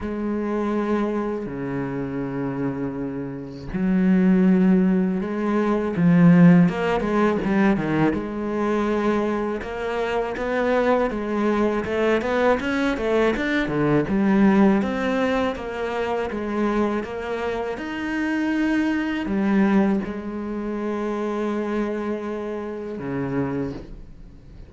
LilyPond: \new Staff \with { instrumentName = "cello" } { \time 4/4 \tempo 4 = 81 gis2 cis2~ | cis4 fis2 gis4 | f4 ais8 gis8 g8 dis8 gis4~ | gis4 ais4 b4 gis4 |
a8 b8 cis'8 a8 d'8 d8 g4 | c'4 ais4 gis4 ais4 | dis'2 g4 gis4~ | gis2. cis4 | }